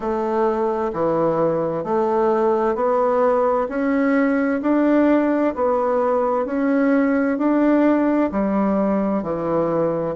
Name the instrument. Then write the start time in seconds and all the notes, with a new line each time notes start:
bassoon
0.00 A3
0.93 E3
1.83 A3
2.75 B3
3.68 C#4
4.62 D4
5.55 B3
6.45 C#4
7.38 D4
8.31 G3
9.23 E3